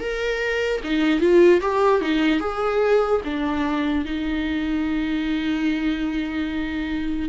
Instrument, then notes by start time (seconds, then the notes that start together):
viola
0.00 A#4
0.84 D#4
1.21 F4
1.61 G4
2.02 D#4
2.41 G#4
3.25 D4
4.06 D#4